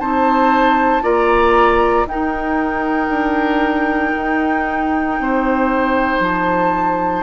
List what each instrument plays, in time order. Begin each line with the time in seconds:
0.00 bassoon C4, clarinet D#4, oboe C5, flute A5
1.03 bassoon A#3, clarinet F4, oboe D5, flute A#5
2.05 bassoon D#4, clarinet D#4, flute G5
2.11 oboe A#4
3.09 bassoon D4
4.16 bassoon D#4
5.20 bassoon C4, oboe C5
6.20 bassoon F3, flute A5